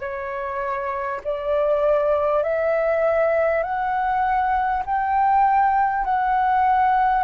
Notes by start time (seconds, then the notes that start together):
0.00 C#5
1.24 D5
2.43 E5
3.63 F#5
4.85 G5
6.04 F#5